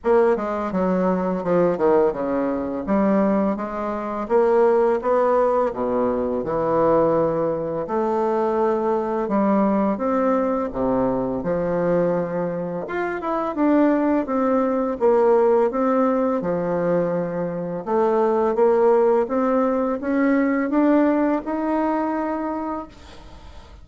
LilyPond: \new Staff \with { instrumentName = "bassoon" } { \time 4/4 \tempo 4 = 84 ais8 gis8 fis4 f8 dis8 cis4 | g4 gis4 ais4 b4 | b,4 e2 a4~ | a4 g4 c'4 c4 |
f2 f'8 e'8 d'4 | c'4 ais4 c'4 f4~ | f4 a4 ais4 c'4 | cis'4 d'4 dis'2 | }